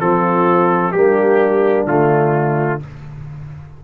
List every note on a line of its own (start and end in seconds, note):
0.00 0.95 F3
0.00 0.94 C4
0.00 0.95 F4
0.00 0.92 A4
0.92 1.86 G3
0.92 1.87 A#3
0.92 2.85 D4
0.92 1.86 G4
1.86 2.80 D3
1.86 2.80 A3
1.86 2.81 F4